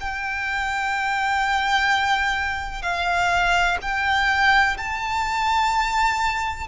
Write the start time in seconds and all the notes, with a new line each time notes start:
0.00 G5
2.82 F5
3.82 G5
4.77 A5